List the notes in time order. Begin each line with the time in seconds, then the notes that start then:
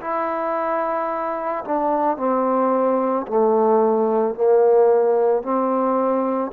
0.00 E4
1.64 D4
2.17 C4
3.26 A3
4.34 A#3
5.42 C4